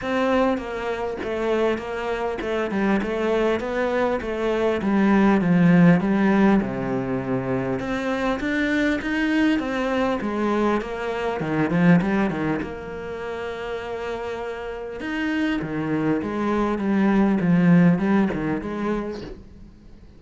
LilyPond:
\new Staff \with { instrumentName = "cello" } { \time 4/4 \tempo 4 = 100 c'4 ais4 a4 ais4 | a8 g8 a4 b4 a4 | g4 f4 g4 c4~ | c4 c'4 d'4 dis'4 |
c'4 gis4 ais4 dis8 f8 | g8 dis8 ais2.~ | ais4 dis'4 dis4 gis4 | g4 f4 g8 dis8 gis4 | }